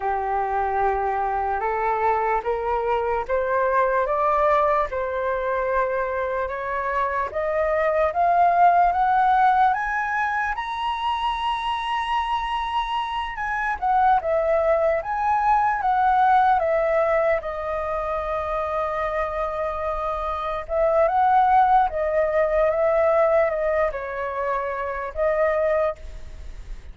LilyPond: \new Staff \with { instrumentName = "flute" } { \time 4/4 \tempo 4 = 74 g'2 a'4 ais'4 | c''4 d''4 c''2 | cis''4 dis''4 f''4 fis''4 | gis''4 ais''2.~ |
ais''8 gis''8 fis''8 e''4 gis''4 fis''8~ | fis''8 e''4 dis''2~ dis''8~ | dis''4. e''8 fis''4 dis''4 | e''4 dis''8 cis''4. dis''4 | }